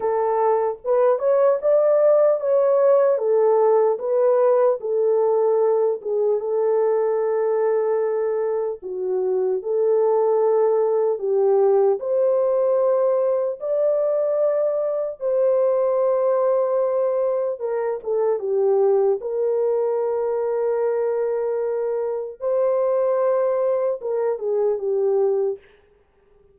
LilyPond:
\new Staff \with { instrumentName = "horn" } { \time 4/4 \tempo 4 = 75 a'4 b'8 cis''8 d''4 cis''4 | a'4 b'4 a'4. gis'8 | a'2. fis'4 | a'2 g'4 c''4~ |
c''4 d''2 c''4~ | c''2 ais'8 a'8 g'4 | ais'1 | c''2 ais'8 gis'8 g'4 | }